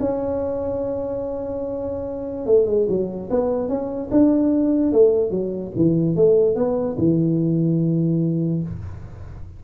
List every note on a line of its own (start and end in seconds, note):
0.00 2.46 C#4
2.46 2.66 A3
2.66 2.87 G#3
2.89 3.30 F#3
3.30 3.69 B3
3.69 4.10 C#4
4.11 4.93 D4
4.93 5.31 A3
5.31 5.72 F#3
5.76 6.16 E3
6.16 6.55 A3
6.55 6.97 B3
6.98 8.63 E3